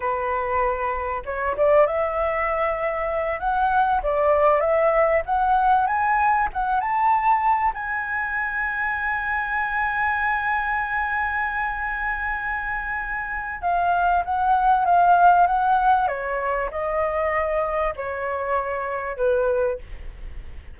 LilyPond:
\new Staff \with { instrumentName = "flute" } { \time 4/4 \tempo 4 = 97 b'2 cis''8 d''8 e''4~ | e''4. fis''4 d''4 e''8~ | e''8 fis''4 gis''4 fis''8 a''4~ | a''8 gis''2.~ gis''8~ |
gis''1~ | gis''2 f''4 fis''4 | f''4 fis''4 cis''4 dis''4~ | dis''4 cis''2 b'4 | }